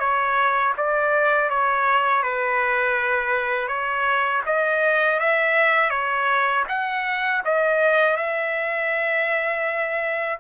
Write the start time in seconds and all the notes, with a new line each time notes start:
0.00 C#5
0.77 D5
1.50 C#5
2.23 B4
3.68 C#5
4.46 D#5
5.20 E5
5.90 C#5
6.69 F#5
7.45 D#5
8.17 E5